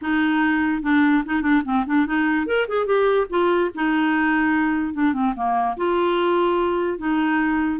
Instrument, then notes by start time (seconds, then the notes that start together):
clarinet
0.01 D#4
0.82 D4
1.25 D#4
1.42 D4
1.64 C4
1.86 D4
2.06 D#4
2.46 A#4
2.68 G#4
2.85 G4
3.29 F4
3.75 D#4
4.93 D4
5.13 C4
5.35 A#3
5.76 F4
6.98 D#4